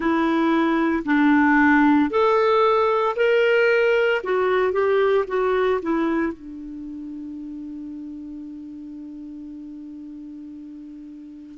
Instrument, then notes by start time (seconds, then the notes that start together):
clarinet
0.00 E4
1.05 D4
2.10 A4
3.16 A#4
4.23 F#4
4.72 G4
5.27 F#4
5.82 E4
6.33 D4